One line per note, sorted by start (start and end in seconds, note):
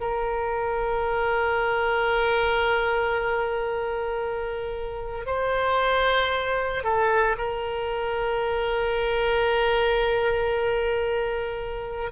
0.00 5.25 A#4
5.25 6.83 C5
6.83 7.36 A4
7.37 12.11 A#4